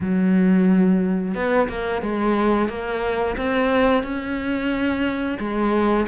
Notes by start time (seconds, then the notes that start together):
0.00 F#3
1.35 B3
1.69 A#3
2.02 G#3
2.68 A#3
3.36 C4
4.03 C#4
5.39 G#3